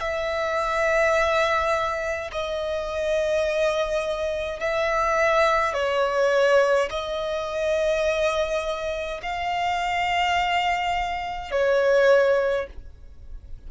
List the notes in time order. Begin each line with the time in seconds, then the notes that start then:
0.00 E5
2.32 D#5
4.60 E5
5.74 C#5
6.90 D#5
9.23 F5
11.51 C#5